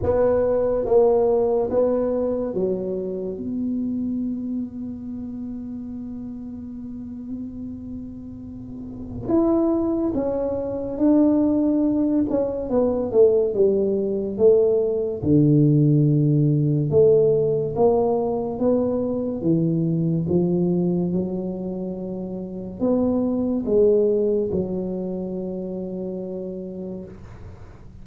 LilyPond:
\new Staff \with { instrumentName = "tuba" } { \time 4/4 \tempo 4 = 71 b4 ais4 b4 fis4 | b1~ | b2. e'4 | cis'4 d'4. cis'8 b8 a8 |
g4 a4 d2 | a4 ais4 b4 e4 | f4 fis2 b4 | gis4 fis2. | }